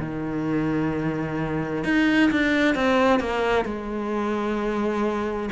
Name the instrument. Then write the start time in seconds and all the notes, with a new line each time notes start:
cello
0.00 D#3
1.85 D#4
2.32 D4
2.76 C4
3.21 A#3
3.65 G#3